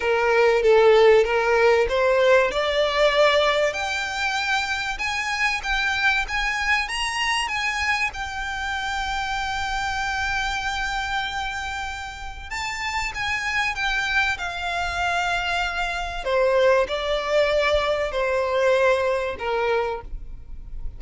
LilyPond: \new Staff \with { instrumentName = "violin" } { \time 4/4 \tempo 4 = 96 ais'4 a'4 ais'4 c''4 | d''2 g''2 | gis''4 g''4 gis''4 ais''4 | gis''4 g''2.~ |
g''1 | a''4 gis''4 g''4 f''4~ | f''2 c''4 d''4~ | d''4 c''2 ais'4 | }